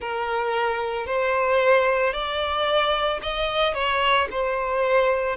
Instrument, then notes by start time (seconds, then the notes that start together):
violin
0.00 A#4
1.06 C5
2.13 D5
3.22 D#5
3.74 C#5
4.31 C5